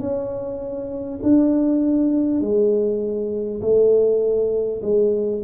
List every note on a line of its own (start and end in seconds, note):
0.00 1.20 C#4
1.23 2.41 D4
2.41 3.61 G#3
3.62 4.82 A3
4.83 5.43 G#3